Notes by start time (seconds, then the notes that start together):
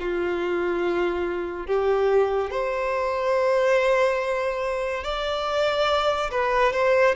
0.00 F4
1.67 G4
2.51 C5
5.04 D5
6.31 B4
6.73 C5